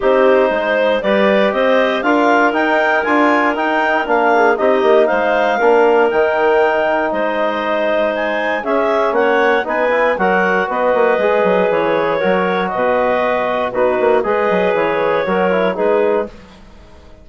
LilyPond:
<<
  \new Staff \with { instrumentName = "clarinet" } { \time 4/4 \tempo 4 = 118 c''2 d''4 dis''4 | f''4 g''4 gis''4 g''4 | f''4 dis''4 f''2 | g''2 dis''2 |
gis''4 e''4 fis''4 gis''4 | fis''4 dis''2 cis''4~ | cis''4 dis''2 b'4 | dis''4 cis''2 b'4 | }
  \new Staff \with { instrumentName = "clarinet" } { \time 4/4 g'4 c''4 b'4 c''4 | ais'1~ | ais'8 gis'8 g'4 c''4 ais'4~ | ais'2 c''2~ |
c''4 gis'4 cis''4 b'4 | ais'4 b'2. | ais'4 b'2 fis'4 | b'2 ais'4 gis'4 | }
  \new Staff \with { instrumentName = "trombone" } { \time 4/4 dis'2 g'2 | f'4 dis'4 f'4 dis'4 | d'4 dis'2 d'4 | dis'1~ |
dis'4 cis'2 dis'8 e'8 | fis'2 gis'2 | fis'2. dis'4 | gis'2 fis'8 e'8 dis'4 | }
  \new Staff \with { instrumentName = "bassoon" } { \time 4/4 c'4 gis4 g4 c'4 | d'4 dis'4 d'4 dis'4 | ais4 c'8 ais8 gis4 ais4 | dis2 gis2~ |
gis4 cis'4 ais4 b4 | fis4 b8 ais8 gis8 fis8 e4 | fis4 b,2 b8 ais8 | gis8 fis8 e4 fis4 gis4 | }
>>